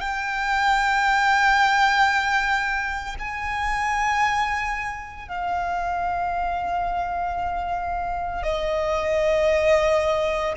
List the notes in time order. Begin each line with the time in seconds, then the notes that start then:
0.00 G5
3.19 G#5
5.28 F5
8.43 D#5